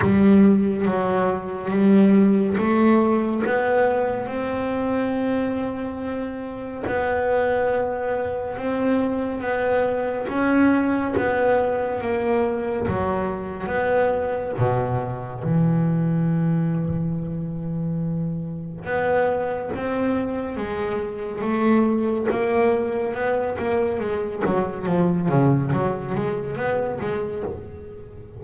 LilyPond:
\new Staff \with { instrumentName = "double bass" } { \time 4/4 \tempo 4 = 70 g4 fis4 g4 a4 | b4 c'2. | b2 c'4 b4 | cis'4 b4 ais4 fis4 |
b4 b,4 e2~ | e2 b4 c'4 | gis4 a4 ais4 b8 ais8 | gis8 fis8 f8 cis8 fis8 gis8 b8 gis8 | }